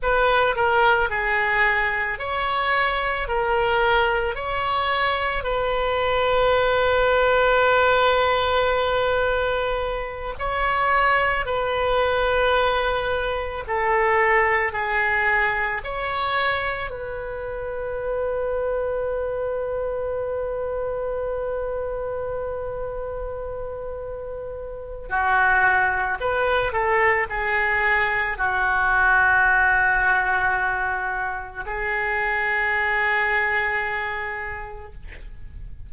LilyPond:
\new Staff \with { instrumentName = "oboe" } { \time 4/4 \tempo 4 = 55 b'8 ais'8 gis'4 cis''4 ais'4 | cis''4 b'2.~ | b'4. cis''4 b'4.~ | b'8 a'4 gis'4 cis''4 b'8~ |
b'1~ | b'2. fis'4 | b'8 a'8 gis'4 fis'2~ | fis'4 gis'2. | }